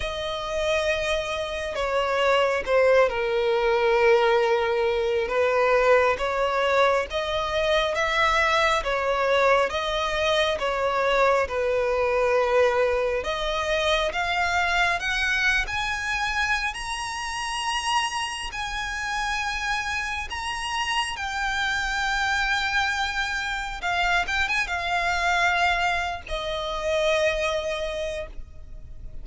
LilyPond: \new Staff \with { instrumentName = "violin" } { \time 4/4 \tempo 4 = 68 dis''2 cis''4 c''8 ais'8~ | ais'2 b'4 cis''4 | dis''4 e''4 cis''4 dis''4 | cis''4 b'2 dis''4 |
f''4 fis''8. gis''4~ gis''16 ais''4~ | ais''4 gis''2 ais''4 | g''2. f''8 g''16 gis''16 | f''4.~ f''16 dis''2~ dis''16 | }